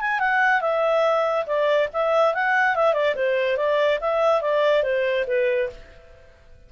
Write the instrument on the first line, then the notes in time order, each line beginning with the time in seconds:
clarinet
0.00 G#5
0.19 F#5
0.60 E5
1.46 D5
1.93 E5
2.34 F#5
2.75 E5
2.93 D5
3.15 C5
3.56 D5
4.00 E5
4.41 D5
4.82 C5
5.27 B4